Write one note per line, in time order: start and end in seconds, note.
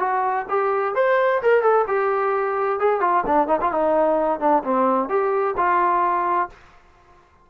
0.00 0.46 F#4
0.50 0.95 G4
0.95 1.42 C5
1.43 1.63 A#4
1.63 1.86 A4
1.88 2.80 G4
2.80 3.01 G#4
3.01 3.24 F4
3.27 3.48 D4
3.48 3.60 D#4
3.61 3.72 F4
3.72 4.40 D#4
4.40 4.63 D4
4.64 5.09 C4
5.09 5.56 G4
5.57 6.50 F4